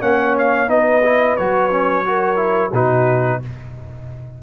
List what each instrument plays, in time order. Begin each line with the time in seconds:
0.00 tuba A#3, trombone C#4, horn C#5, trumpet F#5
0.38 trumpet F5
0.67 tuba B3, trombone D#4, horn B4, trumpet D#5
1.04 trombone E4
1.36 tuba F#3, trombone F#4, trumpet C#5
1.70 trombone C#4
2.05 trombone F#4, horn A#4
2.36 trombone E4
2.72 tuba B2, trombone D#4, horn F#4, trumpet B4